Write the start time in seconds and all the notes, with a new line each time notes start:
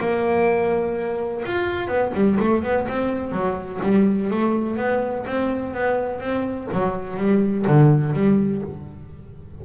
0.00 A#3
1.46 F4
1.88 B3
2.14 G3
2.40 A3
2.63 B3
2.88 C4
3.32 F#3
3.82 G3
4.31 A3
4.77 B3
5.27 C4
5.75 B3
6.20 C4
6.73 F#3
7.17 G3
7.68 D3
8.14 G3